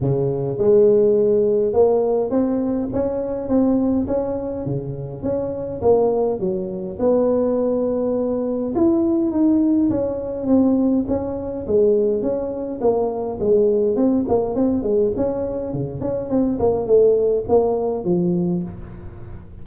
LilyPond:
\new Staff \with { instrumentName = "tuba" } { \time 4/4 \tempo 4 = 103 cis4 gis2 ais4 | c'4 cis'4 c'4 cis'4 | cis4 cis'4 ais4 fis4 | b2. e'4 |
dis'4 cis'4 c'4 cis'4 | gis4 cis'4 ais4 gis4 | c'8 ais8 c'8 gis8 cis'4 cis8 cis'8 | c'8 ais8 a4 ais4 f4 | }